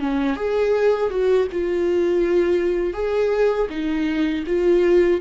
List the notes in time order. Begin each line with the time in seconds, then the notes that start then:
0.00 C#4
0.36 G#4
1.10 F#4
1.52 F4
2.93 G#4
3.70 D#4
4.47 F4